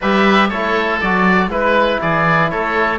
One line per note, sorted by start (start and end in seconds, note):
0.00 0.50 G3
0.00 0.52 G4
0.00 0.48 B4
0.00 0.49 E5
0.48 1.00 A3
0.48 1.03 E4
0.48 1.48 A4
0.48 0.99 C#5
1.00 1.47 F#3
1.00 1.50 F#4
1.00 1.50 D5
1.47 1.97 G#3
1.47 2.99 E4
1.47 2.00 B4
1.47 2.01 B4
2.01 2.52 E3
2.01 2.51 G#4
2.01 2.50 D5
2.50 2.99 A3
2.50 2.99 A4
2.50 2.99 C#5